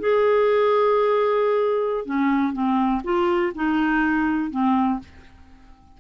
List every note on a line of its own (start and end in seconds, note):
0.00 2.06 G#4
2.06 2.53 C#4
2.53 3.02 C4
3.04 3.53 F4
3.55 4.51 D#4
4.51 5.00 C4